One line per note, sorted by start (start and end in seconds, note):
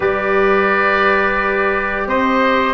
0.00 2.06 G3
0.00 2.74 G4
0.00 2.06 B4
0.00 2.08 D5
2.06 2.74 C4
2.06 2.74 C5
2.06 2.74 D#5